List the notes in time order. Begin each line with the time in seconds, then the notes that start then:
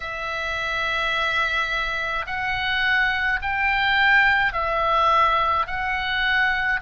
0.00 E5
2.26 F#5
3.42 G5
4.53 E5
5.66 F#5